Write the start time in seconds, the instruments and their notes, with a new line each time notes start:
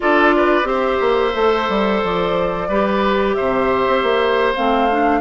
0.00 bassoon D4, clarinet F4, oboe A4, flute D5
0.36 oboe B4
0.63 bassoon C4, clarinet G4, oboe C5, flute E5
1.00 bassoon A#3
1.34 bassoon A3, clarinet A4
1.69 bassoon G3
2.03 bassoon F3, flute D5
2.68 bassoon G3, clarinet G4, oboe B4
3.34 bassoon C3, oboe C5, flute E5
3.87 bassoon C4
4.03 bassoon A#3
4.55 bassoon A3, clarinet C4, flute F5
4.90 clarinet D4